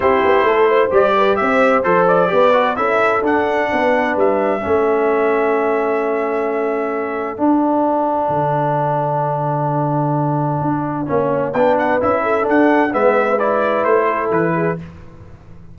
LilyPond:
<<
  \new Staff \with { instrumentName = "trumpet" } { \time 4/4 \tempo 4 = 130 c''2 d''4 e''4 | c''8 d''4. e''4 fis''4~ | fis''4 e''2.~ | e''1 |
fis''1~ | fis''1~ | fis''4 g''8 fis''8 e''4 fis''4 | e''4 d''4 c''4 b'4 | }
  \new Staff \with { instrumentName = "horn" } { \time 4/4 g'4 a'8 c''4 b'8 c''4~ | c''4 b'4 a'2 | b'2 a'2~ | a'1~ |
a'1~ | a'1 | cis''4 b'4. a'4. | b'2~ b'8 a'4 gis'8 | }
  \new Staff \with { instrumentName = "trombone" } { \time 4/4 e'2 g'2 | a'4 g'8 fis'8 e'4 d'4~ | d'2 cis'2~ | cis'1 |
d'1~ | d'1 | cis'4 d'4 e'4 d'4 | b4 e'2. | }
  \new Staff \with { instrumentName = "tuba" } { \time 4/4 c'8 b8 a4 g4 c'4 | f4 b4 cis'4 d'4 | b4 g4 a2~ | a1 |
d'2 d2~ | d2. d'4 | ais4 b4 cis'4 d'4 | gis2 a4 e4 | }
>>